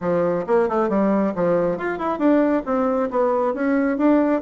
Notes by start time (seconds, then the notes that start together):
0.01 F3
0.46 A#3
0.68 A3
0.89 G3
1.35 F3
1.77 F4
1.98 E4
2.18 D4
2.65 C4
3.10 B3
3.54 C#4
3.97 D4